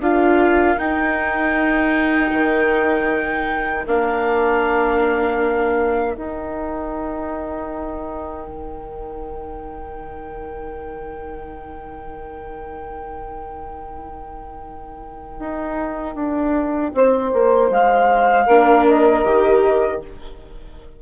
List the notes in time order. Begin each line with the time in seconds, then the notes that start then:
0.00 D4 F4 A#4 F5
0.77 D#4 G5
2.32 D#3
3.87 A#3 D4 F5
6.16 D#4 G5
8.48 D#3
15.40 D#4
16.15 D4
16.94 C4 C5
17.33 A#3
17.71 G#3 F5
18.46 A#3 D4 A#4
18.87 D#5
19.25 D#3 G4